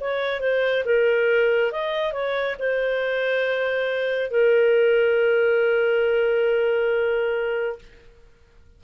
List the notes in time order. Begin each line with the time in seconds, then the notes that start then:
0.00 C#5
0.40 C5
0.85 A#4
1.72 D#5
2.12 C#5
2.59 C5
4.30 A#4